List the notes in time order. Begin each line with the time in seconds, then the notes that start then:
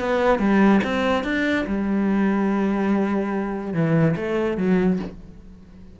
0.00 B3
0.39 G3
0.84 C4
1.24 D4
1.67 G3
3.74 E3
4.16 A3
4.58 F#3